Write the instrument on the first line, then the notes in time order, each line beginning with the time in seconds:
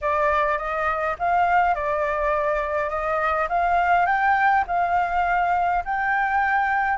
flute
0.01 D5
0.58 D#5
1.18 F5
1.74 D5
2.89 D#5
3.48 F5
4.06 G5
4.67 F5
5.85 G5